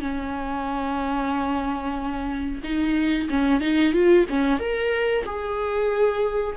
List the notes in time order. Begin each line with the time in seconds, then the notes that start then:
0.00 C#4
2.63 D#4
3.29 C#4
3.60 D#4
3.93 F4
4.29 C#4
4.59 A#4
5.25 G#4